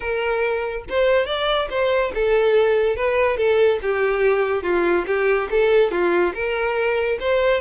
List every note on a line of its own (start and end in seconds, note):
0.00 0.84 A#4
0.89 1.26 C5
1.26 1.68 D5
1.70 2.12 C5
2.14 2.96 A4
2.96 3.37 B4
3.37 3.79 A4
3.82 4.62 G4
4.62 5.05 F4
5.06 5.49 G4
5.50 5.91 A4
5.91 6.33 F4
6.34 7.18 A#4
7.19 7.60 C5